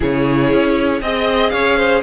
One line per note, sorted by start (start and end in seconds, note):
0.00 0.52 C#3
0.00 1.02 E4
0.00 1.02 G#4
0.00 1.01 C#5
0.52 1.01 C#4
1.01 1.52 C4
1.01 2.02 G#4
1.01 1.49 D#5
1.01 1.53 D#5
1.49 2.02 C#4
1.49 1.76 C#5
1.49 2.00 F5
1.76 2.02 C5